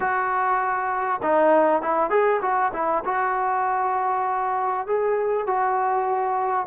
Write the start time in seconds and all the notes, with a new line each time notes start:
0.00 F#4
1.22 D#4
1.82 E4
2.10 G#4
2.41 F#4
2.73 E4
3.04 F#4
4.87 G#4
5.47 F#4